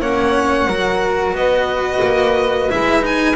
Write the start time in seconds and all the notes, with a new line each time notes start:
0.00 A#3 C#4 C#5 F#5
0.66 F#3 F#4 A#4
1.32 B3 D#5
1.39 B4
2.03 A#3
2.69 G#3 E4 E5
3.00 D#4 G#5